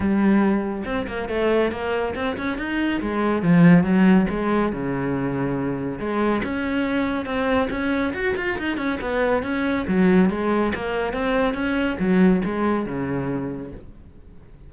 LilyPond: \new Staff \with { instrumentName = "cello" } { \time 4/4 \tempo 4 = 140 g2 c'8 ais8 a4 | ais4 c'8 cis'8 dis'4 gis4 | f4 fis4 gis4 cis4~ | cis2 gis4 cis'4~ |
cis'4 c'4 cis'4 fis'8 f'8 | dis'8 cis'8 b4 cis'4 fis4 | gis4 ais4 c'4 cis'4 | fis4 gis4 cis2 | }